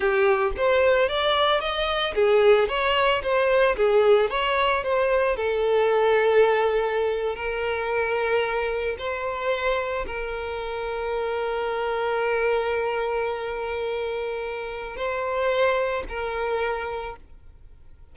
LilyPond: \new Staff \with { instrumentName = "violin" } { \time 4/4 \tempo 4 = 112 g'4 c''4 d''4 dis''4 | gis'4 cis''4 c''4 gis'4 | cis''4 c''4 a'2~ | a'4.~ a'16 ais'2~ ais'16~ |
ais'8. c''2 ais'4~ ais'16~ | ais'1~ | ais'1 | c''2 ais'2 | }